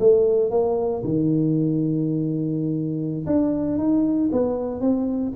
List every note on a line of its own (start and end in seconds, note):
0.00 0.51 A3
0.51 1.03 A#3
1.05 3.26 D#3
3.27 3.78 D4
3.78 4.31 D#4
4.33 4.81 B3
4.81 5.33 C4